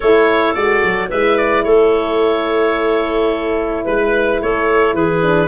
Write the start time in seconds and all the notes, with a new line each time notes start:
0.00 A3 E4 A4 C#5
0.54 G#3 F#4 D5
0.83 F#3
1.08 G#3 E4 B4 E5
1.37 D5
1.64 A3 A4 C#5
3.84 G#3 B4
4.42 A3 A4 C#5
4.93 E3 G#4 B4
5.22 D4